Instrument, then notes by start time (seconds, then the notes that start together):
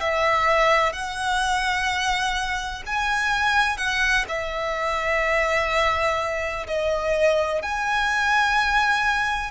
violin
0.00 E5
0.93 F#5
2.87 G#5
3.77 F#5
4.29 E5
6.67 D#5
7.62 G#5